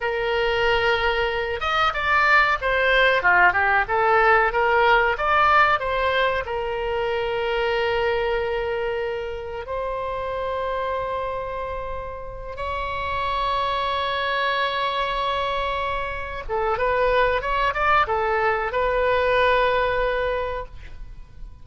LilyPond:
\new Staff \with { instrumentName = "oboe" } { \time 4/4 \tempo 4 = 93 ais'2~ ais'8 dis''8 d''4 | c''4 f'8 g'8 a'4 ais'4 | d''4 c''4 ais'2~ | ais'2. c''4~ |
c''2.~ c''8 cis''8~ | cis''1~ | cis''4. a'8 b'4 cis''8 d''8 | a'4 b'2. | }